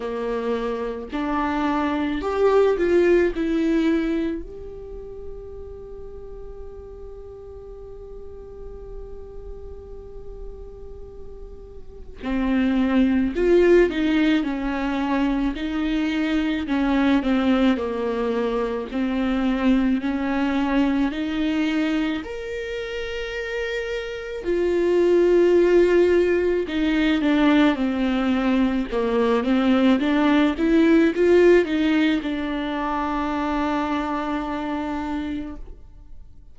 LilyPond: \new Staff \with { instrumentName = "viola" } { \time 4/4 \tempo 4 = 54 ais4 d'4 g'8 f'8 e'4 | g'1~ | g'2. c'4 | f'8 dis'8 cis'4 dis'4 cis'8 c'8 |
ais4 c'4 cis'4 dis'4 | ais'2 f'2 | dis'8 d'8 c'4 ais8 c'8 d'8 e'8 | f'8 dis'8 d'2. | }